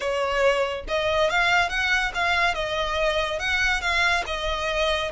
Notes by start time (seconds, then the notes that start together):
0.00 C#5
0.87 D#5
1.30 F5
1.69 F#5
2.14 F5
2.54 D#5
3.39 F#5
3.81 F5
4.26 D#5